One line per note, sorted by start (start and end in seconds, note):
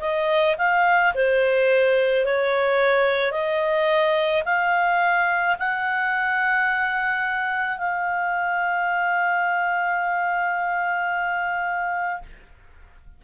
0.00 0.56 D#5
0.58 1.13 F5
1.14 2.25 C5
2.25 3.32 C#5
3.32 4.43 D#5
4.45 5.56 F5
5.59 7.78 F#5
7.78 12.22 F5